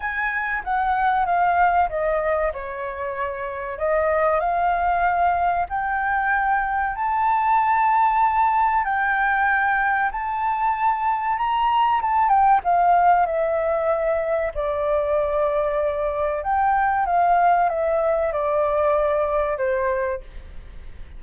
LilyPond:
\new Staff \with { instrumentName = "flute" } { \time 4/4 \tempo 4 = 95 gis''4 fis''4 f''4 dis''4 | cis''2 dis''4 f''4~ | f''4 g''2 a''4~ | a''2 g''2 |
a''2 ais''4 a''8 g''8 | f''4 e''2 d''4~ | d''2 g''4 f''4 | e''4 d''2 c''4 | }